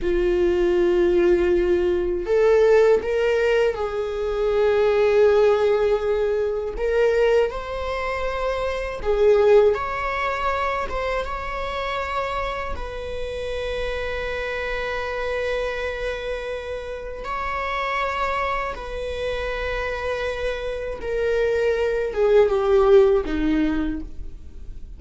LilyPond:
\new Staff \with { instrumentName = "viola" } { \time 4/4 \tempo 4 = 80 f'2. a'4 | ais'4 gis'2.~ | gis'4 ais'4 c''2 | gis'4 cis''4. c''8 cis''4~ |
cis''4 b'2.~ | b'2. cis''4~ | cis''4 b'2. | ais'4. gis'8 g'4 dis'4 | }